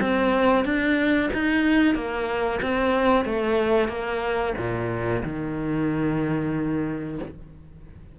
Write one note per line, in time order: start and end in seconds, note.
0.00 0.64 C4
0.64 1.30 D4
1.33 1.95 D#4
1.95 2.60 A#3
2.62 3.25 C4
3.25 3.88 A3
3.88 4.54 A#3
4.57 5.23 A#2
5.23 7.19 D#3